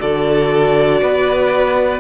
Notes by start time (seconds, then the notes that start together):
0.00 D3 F#4 A4 D5
1.02 B3 B4